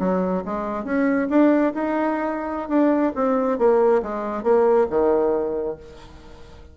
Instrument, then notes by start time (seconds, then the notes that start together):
bassoon
0.00 F#3
0.46 G#3
0.85 C#4
1.30 D4
1.75 D#4
2.69 D4
3.16 C4
3.59 A#3
4.03 G#3
4.44 A#3
4.90 D#3